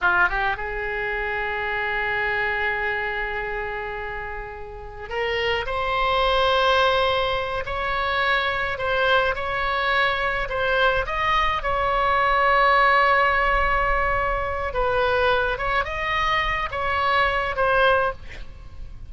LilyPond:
\new Staff \with { instrumentName = "oboe" } { \time 4/4 \tempo 4 = 106 f'8 g'8 gis'2.~ | gis'1~ | gis'4 ais'4 c''2~ | c''4. cis''2 c''8~ |
c''8 cis''2 c''4 dis''8~ | dis''8 cis''2.~ cis''8~ | cis''2 b'4. cis''8 | dis''4. cis''4. c''4 | }